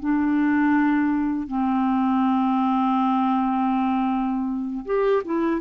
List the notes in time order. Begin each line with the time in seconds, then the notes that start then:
0.00 D4
1.48 C4
4.85 G4
5.25 E4